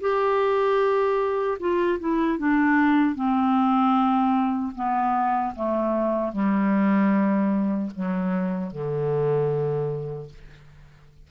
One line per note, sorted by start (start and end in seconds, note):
0.00 1.58 G4
1.59 1.99 F4
1.99 2.38 E4
2.38 3.15 D4
3.15 4.73 C4
4.75 5.54 B3
5.55 6.32 A3
6.32 7.90 G3
7.95 8.71 F#3
8.71 10.29 D3